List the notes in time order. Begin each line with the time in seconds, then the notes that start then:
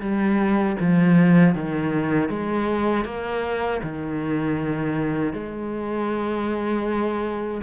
0.00 G3
0.80 F3
1.55 D#3
2.29 G#3
3.04 A#3
3.83 D#3
5.33 G#3